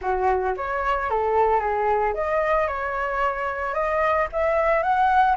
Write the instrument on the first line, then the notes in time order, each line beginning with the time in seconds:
flute
0.01 F#4
0.56 C#5
1.10 A4
1.60 G#4
2.14 D#5
2.67 C#5
3.74 D#5
4.32 E5
4.83 F#5